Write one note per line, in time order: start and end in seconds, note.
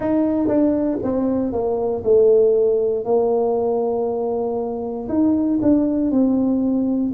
0.00 0.47 D#4
0.47 0.98 D4
1.02 1.52 C4
1.52 2.03 A#3
2.03 3.04 A3
3.04 5.08 A#3
5.08 5.59 D#4
5.62 6.11 D4
6.11 7.12 C4